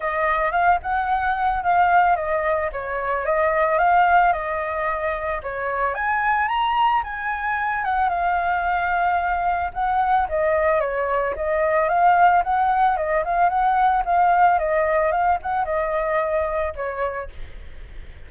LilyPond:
\new Staff \with { instrumentName = "flute" } { \time 4/4 \tempo 4 = 111 dis''4 f''8 fis''4. f''4 | dis''4 cis''4 dis''4 f''4 | dis''2 cis''4 gis''4 | ais''4 gis''4. fis''8 f''4~ |
f''2 fis''4 dis''4 | cis''4 dis''4 f''4 fis''4 | dis''8 f''8 fis''4 f''4 dis''4 | f''8 fis''8 dis''2 cis''4 | }